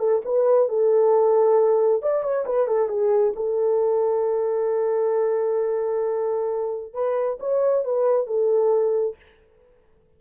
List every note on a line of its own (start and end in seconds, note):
0.00 0.22 A4
0.26 0.69 B4
0.69 2.03 A4
2.03 2.23 D5
2.23 2.46 C#5
2.46 2.68 B4
2.68 2.89 A4
2.89 3.34 G#4
3.36 6.94 A4
6.94 7.39 B4
7.40 7.85 C#5
7.85 8.27 B4
8.27 9.16 A4